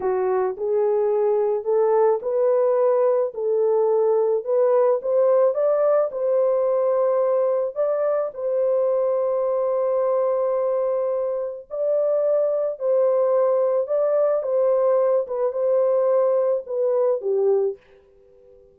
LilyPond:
\new Staff \with { instrumentName = "horn" } { \time 4/4 \tempo 4 = 108 fis'4 gis'2 a'4 | b'2 a'2 | b'4 c''4 d''4 c''4~ | c''2 d''4 c''4~ |
c''1~ | c''4 d''2 c''4~ | c''4 d''4 c''4. b'8 | c''2 b'4 g'4 | }